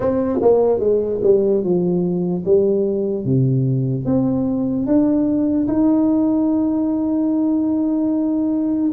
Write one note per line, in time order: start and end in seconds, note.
0.00 0.39 C4
0.41 0.79 A#3
0.79 1.20 G#3
1.23 1.63 G3
1.63 2.44 F3
2.45 3.24 G3
3.24 4.05 C3
4.05 4.86 C4
4.86 5.67 D4
5.67 8.92 D#4